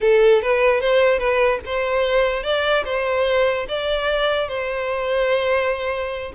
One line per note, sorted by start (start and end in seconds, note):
0.01 0.41 A4
0.42 0.81 B4
0.81 1.18 C5
1.18 1.59 B4
1.65 2.43 C5
2.43 2.84 D5
2.84 3.66 C5
3.68 4.48 D5
4.48 6.32 C5